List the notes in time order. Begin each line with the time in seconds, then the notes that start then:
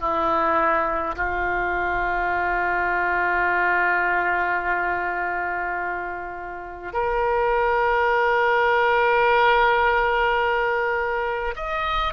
0.00 E4
1.16 F4
6.93 A#4
11.56 D#5